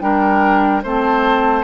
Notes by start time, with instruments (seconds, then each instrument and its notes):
0.00 bassoon G3, clarinet D4, oboe A#4, flute G5
0.83 bassoon A3, clarinet C4, oboe C5, flute A5